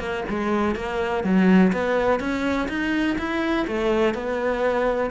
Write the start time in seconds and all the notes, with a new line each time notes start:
0.00 A#3
0.29 G#3
0.76 A#3
1.24 F#3
1.73 B3
2.20 C#4
2.69 D#4
3.19 E4
3.68 A3
4.15 B3